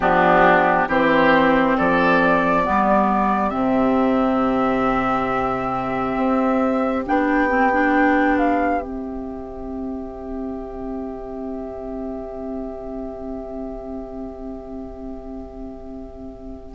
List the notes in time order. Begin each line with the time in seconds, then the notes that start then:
0.00 F3 B3 D4 G4
0.87 E3 C4 G4 C5
1.77 F3 A4 D5
2.63 G3 B3 G4
3.49 C3 C4 E5
6.16 C4
7.06 B3 D4 G5
7.49 C4
7.72 D4
8.37 F5
8.80 C4 E5